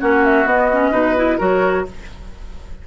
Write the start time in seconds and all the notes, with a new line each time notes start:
0.00 A#3 C#4 F#4 F#5
0.24 E5
0.45 B3 D#5
0.72 C#4
0.91 B2 D#4 B4
1.16 E4
1.38 F#3 F#4 A#4 C#5